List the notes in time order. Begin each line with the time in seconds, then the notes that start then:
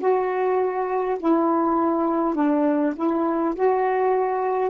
0.00 F#4
1.20 E4
2.35 D4
2.96 E4
3.55 F#4